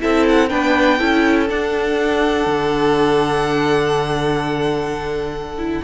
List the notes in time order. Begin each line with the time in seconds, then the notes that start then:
0.00 C4 E4 A4 E5
0.29 F#5
0.49 B3 D4 B4 G5
0.99 C#4 E4 A4
1.49 D4 F#5
2.47 D3
5.59 E4